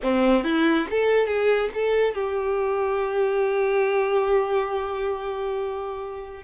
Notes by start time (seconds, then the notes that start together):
0.03 C4
0.44 E4
0.90 A4
1.26 G#4
1.74 A4
2.14 G4